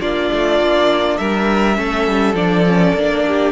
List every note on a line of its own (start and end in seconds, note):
0.00 0.30 A#3
0.00 1.75 D4
0.00 1.18 F4
0.00 1.17 D5
0.32 0.60 A3
0.60 1.18 A#3
1.17 1.78 G3
1.17 1.77 A#4
1.17 2.35 E5
1.75 2.07 A3
1.75 2.34 C#4
1.75 3.26 A4
2.07 2.34 G3
2.34 2.93 F3
2.34 2.65 D4
2.34 3.52 D5
2.67 2.97 C#4
2.94 3.52 A#3
2.94 3.52 D4
3.27 3.52 G4